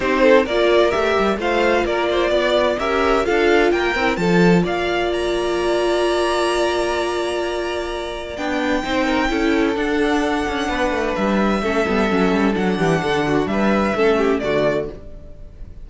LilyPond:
<<
  \new Staff \with { instrumentName = "violin" } { \time 4/4 \tempo 4 = 129 c''4 d''4 e''4 f''4 | d''2 e''4 f''4 | g''4 a''4 f''4 ais''4~ | ais''1~ |
ais''2 g''2~ | g''4 fis''2. | e''2. fis''4~ | fis''4 e''2 d''4 | }
  \new Staff \with { instrumentName = "violin" } { \time 4/4 g'8 a'8 ais'2 c''4 | ais'8 c''8 d''4 ais'4 a'4 | ais'4 a'4 d''2~ | d''1~ |
d''2. c''8 ais'8 | a'2. b'4~ | b'4 a'2~ a'8 g'8 | a'8 fis'8 b'4 a'8 g'8 fis'4 | }
  \new Staff \with { instrumentName = "viola" } { \time 4/4 dis'4 f'4 g'4 f'4~ | f'2 g'4 f'4~ | f'8 e'8 f'2.~ | f'1~ |
f'2 d'4 dis'4 | e'4 d'2.~ | d'4 cis'8 b8 cis'4 d'4~ | d'2 cis'4 a4 | }
  \new Staff \with { instrumentName = "cello" } { \time 4/4 c'4 ais4 a8 g8 a4 | ais4 b4 cis'4 d'4 | ais8 c'8 f4 ais2~ | ais1~ |
ais2 b4 c'4 | cis'4 d'4. cis'8 b8 a8 | g4 a8 g8 fis8 g8 fis8 e8 | d4 g4 a4 d4 | }
>>